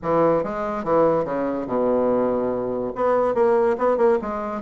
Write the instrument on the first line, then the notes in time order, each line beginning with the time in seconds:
bassoon
0.02 E3
0.43 G#3
0.84 E3
1.24 C#3
1.66 B2
2.95 B3
3.34 A#3
3.78 B3
3.97 A#3
4.21 G#3